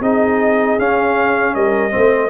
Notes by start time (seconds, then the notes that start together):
0.00 C4 D#4 G#4 D#5
0.78 C#4 F5
1.54 G3 A#4 D#5
1.90 A3 C4 C5